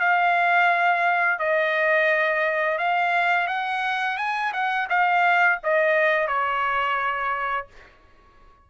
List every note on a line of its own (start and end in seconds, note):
0.00 1.39 F5
1.39 2.78 D#5
2.78 3.48 F5
3.48 4.17 F#5
4.18 4.52 G#5
4.53 4.88 F#5
4.89 5.59 F5
5.64 6.28 D#5
6.28 7.67 C#5